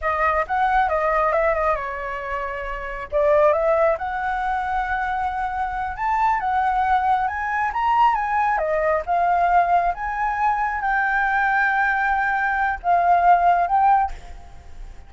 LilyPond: \new Staff \with { instrumentName = "flute" } { \time 4/4 \tempo 4 = 136 dis''4 fis''4 dis''4 e''8 dis''8 | cis''2. d''4 | e''4 fis''2.~ | fis''4. a''4 fis''4.~ |
fis''8 gis''4 ais''4 gis''4 dis''8~ | dis''8 f''2 gis''4.~ | gis''8 g''2.~ g''8~ | g''4 f''2 g''4 | }